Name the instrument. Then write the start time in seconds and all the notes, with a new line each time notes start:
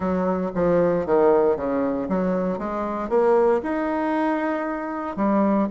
bassoon
0.00 F#3
0.54 F3
1.06 D#3
1.56 C#3
2.08 F#3
2.58 G#3
3.09 A#3
3.63 D#4
5.16 G3